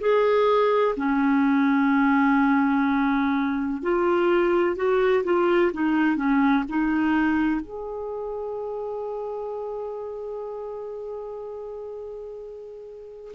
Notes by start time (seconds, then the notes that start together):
0.00 G#4
0.96 C#4
3.82 F4
4.76 F#4
5.24 F4
5.73 D#4
6.16 C#4
6.68 D#4
7.61 G#4